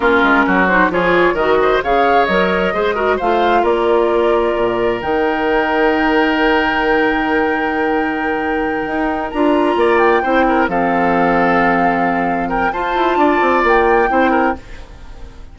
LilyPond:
<<
  \new Staff \with { instrumentName = "flute" } { \time 4/4 \tempo 4 = 132 ais'4. c''8 cis''4 dis''4 | f''4 dis''2 f''4 | d''2. g''4~ | g''1~ |
g''1~ | g''8 ais''4. g''4. f''8~ | f''2.~ f''8 g''8 | a''2 g''2 | }
  \new Staff \with { instrumentName = "oboe" } { \time 4/4 f'4 fis'4 gis'4 ais'8 c''8 | cis''2 c''8 ais'8 c''4 | ais'1~ | ais'1~ |
ais'1~ | ais'4. d''4 c''8 ais'8 a'8~ | a'2.~ a'8 ais'8 | c''4 d''2 c''8 ais'8 | }
  \new Staff \with { instrumentName = "clarinet" } { \time 4/4 cis'4. dis'8 f'4 fis'4 | gis'4 ais'4 gis'8 fis'8 f'4~ | f'2. dis'4~ | dis'1~ |
dis'1~ | dis'8 f'2 e'4 c'8~ | c'1 | f'2. e'4 | }
  \new Staff \with { instrumentName = "bassoon" } { \time 4/4 ais8 gis8 fis4 f4 dis4 | cis4 fis4 gis4 a4 | ais2 ais,4 dis4~ | dis1~ |
dis2.~ dis8 dis'8~ | dis'8 d'4 ais4 c'4 f8~ | f1 | f'8 e'8 d'8 c'8 ais4 c'4 | }
>>